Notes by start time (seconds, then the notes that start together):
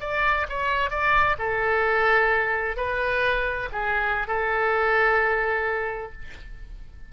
0.00 D5
0.49 C#5
0.90 D5
1.38 A4
2.76 B4
3.72 G#4
4.27 A4